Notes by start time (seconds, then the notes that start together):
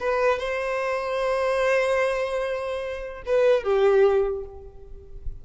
0.00 B4
0.39 C5
3.26 B4
3.64 G4